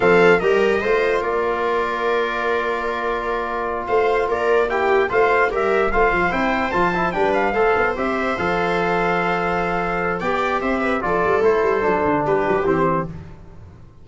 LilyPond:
<<
  \new Staff \with { instrumentName = "trumpet" } { \time 4/4 \tempo 4 = 147 f''4 dis''2 d''4~ | d''1~ | d''4. f''4 d''4 g''8~ | g''8 f''4 e''4 f''4 g''8~ |
g''8 a''4 g''8 f''4. e''8~ | e''8 f''2.~ f''8~ | f''4 g''4 e''4 d''4 | c''2 b'4 c''4 | }
  \new Staff \with { instrumentName = "viola" } { \time 4/4 a'4 ais'4 c''4 ais'4~ | ais'1~ | ais'4. c''4 ais'4 g'8~ | g'8 c''4 ais'4 c''4.~ |
c''4. b'4 c''4.~ | c''1~ | c''4 d''4 c''8 b'8 a'4~ | a'2 g'2 | }
  \new Staff \with { instrumentName = "trombone" } { \time 4/4 c'4 g'4 f'2~ | f'1~ | f'2.~ f'8 e'8~ | e'8 f'4 g'4 f'4 e'8~ |
e'8 f'8 e'8 d'4 a'4 g'8~ | g'8 a'2.~ a'8~ | a'4 g'2 f'4 | e'4 d'2 c'4 | }
  \new Staff \with { instrumentName = "tuba" } { \time 4/4 f4 g4 a4 ais4~ | ais1~ | ais4. a4 ais4.~ | ais8 a4 g4 a8 f8 c'8~ |
c'8 f4 g4 a8 b8 c'8~ | c'8 f2.~ f8~ | f4 b4 c'4 f8 g8 | a8 g8 fis8 d8 g8 fis8 e4 | }
>>